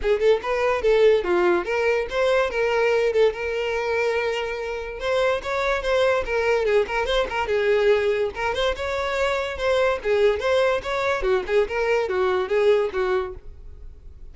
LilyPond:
\new Staff \with { instrumentName = "violin" } { \time 4/4 \tempo 4 = 144 gis'8 a'8 b'4 a'4 f'4 | ais'4 c''4 ais'4. a'8 | ais'1 | c''4 cis''4 c''4 ais'4 |
gis'8 ais'8 c''8 ais'8 gis'2 | ais'8 c''8 cis''2 c''4 | gis'4 c''4 cis''4 fis'8 gis'8 | ais'4 fis'4 gis'4 fis'4 | }